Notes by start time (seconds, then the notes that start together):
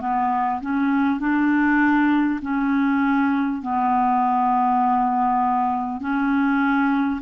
0.00 B3
0.61 C#4
1.19 D4
2.41 C#4
3.61 B3
6.01 C#4